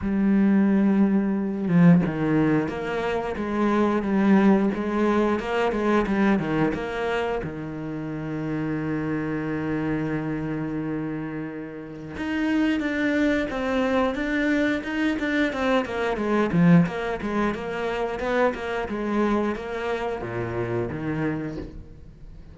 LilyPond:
\new Staff \with { instrumentName = "cello" } { \time 4/4 \tempo 4 = 89 g2~ g8 f8 dis4 | ais4 gis4 g4 gis4 | ais8 gis8 g8 dis8 ais4 dis4~ | dis1~ |
dis2 dis'4 d'4 | c'4 d'4 dis'8 d'8 c'8 ais8 | gis8 f8 ais8 gis8 ais4 b8 ais8 | gis4 ais4 ais,4 dis4 | }